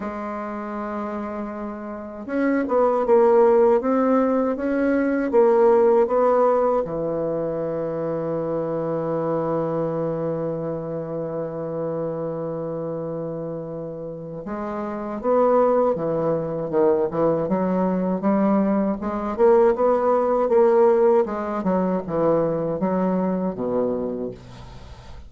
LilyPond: \new Staff \with { instrumentName = "bassoon" } { \time 4/4 \tempo 4 = 79 gis2. cis'8 b8 | ais4 c'4 cis'4 ais4 | b4 e2.~ | e1~ |
e2. gis4 | b4 e4 dis8 e8 fis4 | g4 gis8 ais8 b4 ais4 | gis8 fis8 e4 fis4 b,4 | }